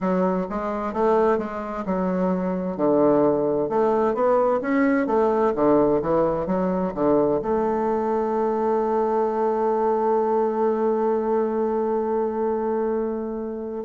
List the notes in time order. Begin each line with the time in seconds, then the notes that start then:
0.00 F#3
0.49 G#3
0.93 A3
1.38 G#3
1.85 F#3
2.77 D3
3.69 A3
4.14 B3
4.61 C#4
5.06 A3
5.55 D3
6.02 E3
6.46 F#3
6.94 D3
7.42 A3